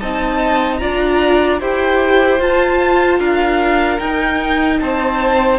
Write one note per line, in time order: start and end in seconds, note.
0.00 0.81 C4
0.00 0.80 D#4
0.00 0.80 D#5
0.00 0.78 A5
0.78 1.61 D4
0.78 1.60 F4
0.78 1.61 D5
0.78 1.58 A#5
1.61 2.40 E4
1.61 2.40 G4
1.61 3.19 C5
1.61 2.42 G5
2.40 3.19 F4
2.40 4.00 F4
2.40 3.20 A5
3.19 3.99 D4
3.19 4.79 A#4
3.19 3.99 F5
3.99 4.81 D#4
3.99 5.59 D#4
3.99 4.79 G5
4.79 5.59 C4
4.79 5.59 C5
4.79 5.59 A5